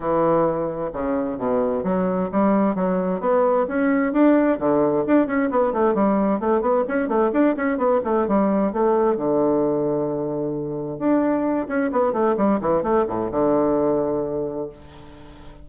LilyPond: \new Staff \with { instrumentName = "bassoon" } { \time 4/4 \tempo 4 = 131 e2 cis4 b,4 | fis4 g4 fis4 b4 | cis'4 d'4 d4 d'8 cis'8 | b8 a8 g4 a8 b8 cis'8 a8 |
d'8 cis'8 b8 a8 g4 a4 | d1 | d'4. cis'8 b8 a8 g8 e8 | a8 a,8 d2. | }